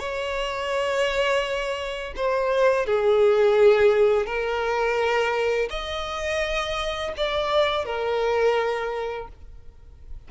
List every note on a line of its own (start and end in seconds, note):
0.00 2.14 C#5
2.17 2.86 C5
2.86 4.27 G#4
4.27 5.69 A#4
5.70 7.13 D#5
7.18 7.86 D5
7.86 9.29 A#4